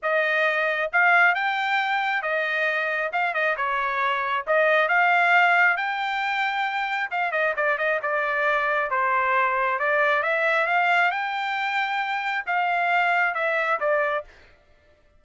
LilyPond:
\new Staff \with { instrumentName = "trumpet" } { \time 4/4 \tempo 4 = 135 dis''2 f''4 g''4~ | g''4 dis''2 f''8 dis''8 | cis''2 dis''4 f''4~ | f''4 g''2. |
f''8 dis''8 d''8 dis''8 d''2 | c''2 d''4 e''4 | f''4 g''2. | f''2 e''4 d''4 | }